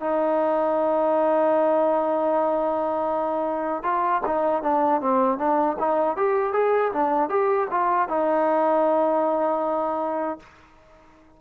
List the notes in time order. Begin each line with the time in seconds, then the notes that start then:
0.00 D#4
3.83 F4
4.26 D#4
4.62 D4
5.01 C4
5.38 D4
5.79 D#4
6.16 G4
6.53 G#4
6.93 D4
7.29 G4
7.71 F4
8.08 D#4